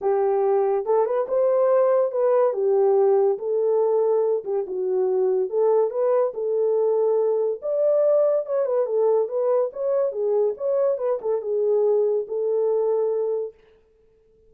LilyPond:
\new Staff \with { instrumentName = "horn" } { \time 4/4 \tempo 4 = 142 g'2 a'8 b'8 c''4~ | c''4 b'4 g'2 | a'2~ a'8 g'8 fis'4~ | fis'4 a'4 b'4 a'4~ |
a'2 d''2 | cis''8 b'8 a'4 b'4 cis''4 | gis'4 cis''4 b'8 a'8 gis'4~ | gis'4 a'2. | }